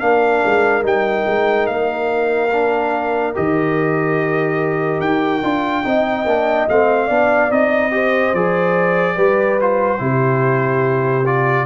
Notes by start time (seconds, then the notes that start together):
0.00 A#3 D4 A#4 F5
0.46 G#3
0.83 G3 D#4 G5
1.27 G#3
1.67 A#3 F5
2.53 D4
3.35 D#3 G4 D#5
5.00 D#4 G5
5.43 D4 F4
5.84 C4 D#4 D#5
6.26 A#3 D4
6.69 A3 C4 F5
7.07 B3 D4 D5
7.50 C4 D#4 D#5
7.92 G4 C5
8.34 F3 G#4 D5
9.16 G3 G4 B4
9.61 F4 C5
9.99 C3 E4 G4
11.25 F4 D5